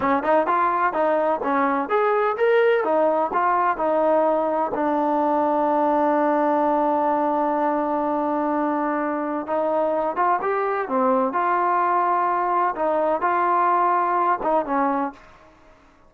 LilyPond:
\new Staff \with { instrumentName = "trombone" } { \time 4/4 \tempo 4 = 127 cis'8 dis'8 f'4 dis'4 cis'4 | gis'4 ais'4 dis'4 f'4 | dis'2 d'2~ | d'1~ |
d'1 | dis'4. f'8 g'4 c'4 | f'2. dis'4 | f'2~ f'8 dis'8 cis'4 | }